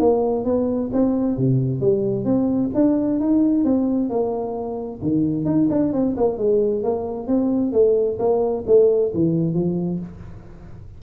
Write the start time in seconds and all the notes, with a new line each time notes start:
0.00 A#3
0.45 B3
0.93 C4
1.37 C3
1.81 G3
2.25 C4
2.75 D4
3.20 D#4
3.65 C4
4.10 A#3
5.02 D#3
5.46 D#4
5.70 D4
5.93 C4
6.17 A#3
6.38 G#3
6.83 A#3
7.27 C4
7.73 A3
8.19 A#3
8.67 A3
9.14 E3
9.54 F3